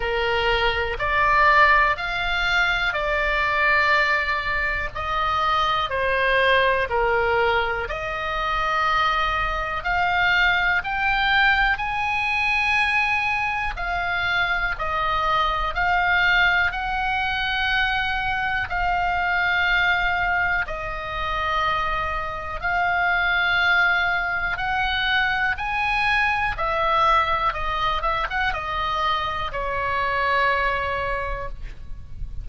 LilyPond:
\new Staff \with { instrumentName = "oboe" } { \time 4/4 \tempo 4 = 61 ais'4 d''4 f''4 d''4~ | d''4 dis''4 c''4 ais'4 | dis''2 f''4 g''4 | gis''2 f''4 dis''4 |
f''4 fis''2 f''4~ | f''4 dis''2 f''4~ | f''4 fis''4 gis''4 e''4 | dis''8 e''16 fis''16 dis''4 cis''2 | }